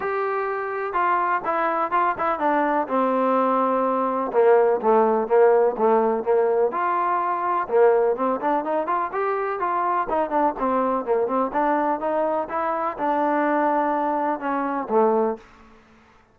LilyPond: \new Staff \with { instrumentName = "trombone" } { \time 4/4 \tempo 4 = 125 g'2 f'4 e'4 | f'8 e'8 d'4 c'2~ | c'4 ais4 a4 ais4 | a4 ais4 f'2 |
ais4 c'8 d'8 dis'8 f'8 g'4 | f'4 dis'8 d'8 c'4 ais8 c'8 | d'4 dis'4 e'4 d'4~ | d'2 cis'4 a4 | }